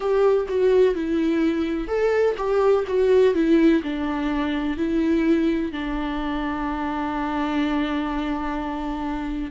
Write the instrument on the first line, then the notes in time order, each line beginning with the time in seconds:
viola
0.00 G4
0.48 F#4
0.94 E4
1.87 A4
2.37 G4
2.87 F#4
3.34 E4
3.83 D4
4.77 E4
5.71 D4